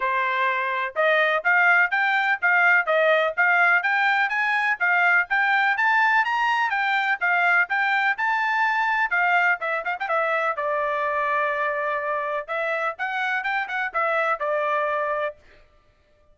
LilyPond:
\new Staff \with { instrumentName = "trumpet" } { \time 4/4 \tempo 4 = 125 c''2 dis''4 f''4 | g''4 f''4 dis''4 f''4 | g''4 gis''4 f''4 g''4 | a''4 ais''4 g''4 f''4 |
g''4 a''2 f''4 | e''8 f''16 g''16 e''4 d''2~ | d''2 e''4 fis''4 | g''8 fis''8 e''4 d''2 | }